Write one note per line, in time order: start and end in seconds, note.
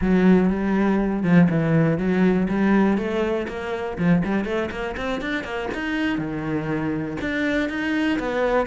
0.01 0.49 F#3
0.49 1.23 G3
1.23 1.47 F3
1.49 1.97 E3
1.97 2.47 F#3
2.48 2.97 G3
2.97 3.47 A3
3.47 3.97 A#3
3.98 4.22 F3
4.24 4.44 G3
4.44 4.69 A3
4.70 4.95 A#3
4.97 5.21 C4
5.21 5.43 D4
5.43 5.68 A#3
5.74 6.18 D#4
6.18 7.17 D#3
7.20 7.69 D4
7.69 8.18 D#4
8.19 8.66 B3